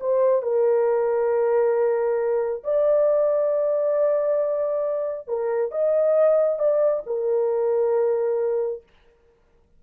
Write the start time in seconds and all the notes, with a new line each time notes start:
0.00 C5
0.42 A#4
2.64 D5
5.28 A#4
5.71 D#5
6.59 D5
7.06 A#4